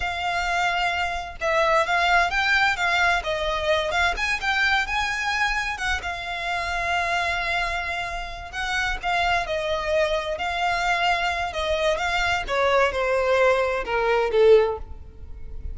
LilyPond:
\new Staff \with { instrumentName = "violin" } { \time 4/4 \tempo 4 = 130 f''2. e''4 | f''4 g''4 f''4 dis''4~ | dis''8 f''8 gis''8 g''4 gis''4.~ | gis''8 fis''8 f''2.~ |
f''2~ f''8 fis''4 f''8~ | f''8 dis''2 f''4.~ | f''4 dis''4 f''4 cis''4 | c''2 ais'4 a'4 | }